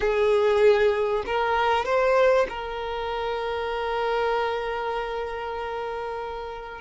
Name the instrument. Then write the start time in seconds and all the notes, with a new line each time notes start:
violin
0.00 G#4
1.25 A#4
1.85 C5
2.49 A#4